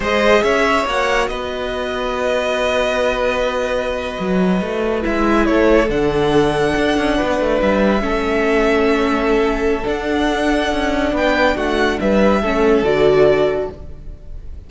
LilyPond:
<<
  \new Staff \with { instrumentName = "violin" } { \time 4/4 \tempo 4 = 140 dis''4 e''4 fis''4 dis''4~ | dis''1~ | dis''2.~ dis''8. e''16~ | e''8. cis''4 fis''2~ fis''16~ |
fis''4.~ fis''16 e''2~ e''16~ | e''2. fis''4~ | fis''2 g''4 fis''4 | e''2 d''2 | }
  \new Staff \with { instrumentName = "violin" } { \time 4/4 c''4 cis''2 b'4~ | b'1~ | b'1~ | b'8. a'2.~ a'16~ |
a'8. b'2 a'4~ a'16~ | a'1~ | a'2 b'4 fis'4 | b'4 a'2. | }
  \new Staff \with { instrumentName = "viola" } { \time 4/4 gis'2 fis'2~ | fis'1~ | fis'2.~ fis'8. e'16~ | e'4.~ e'16 d'2~ d'16~ |
d'2~ d'8. cis'4~ cis'16~ | cis'2. d'4~ | d'1~ | d'4 cis'4 fis'2 | }
  \new Staff \with { instrumentName = "cello" } { \time 4/4 gis4 cis'4 ais4 b4~ | b1~ | b4.~ b16 fis4 a4 gis16~ | gis8. a4 d2 d'16~ |
d'16 cis'8 b8 a8 g4 a4~ a16~ | a2. d'4~ | d'4 cis'4 b4 a4 | g4 a4 d2 | }
>>